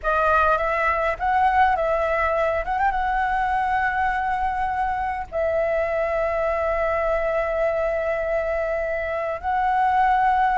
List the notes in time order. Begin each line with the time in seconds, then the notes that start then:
0.02 D#5
0.57 E5
1.19 F#5
1.76 E5
2.65 F#5
2.78 G5
2.91 F#5
5.31 E5
9.40 F#5